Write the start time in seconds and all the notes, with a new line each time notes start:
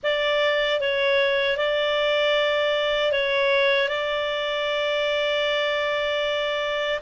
0.03 D5
0.80 C#5
1.57 D5
3.12 C#5
3.88 D5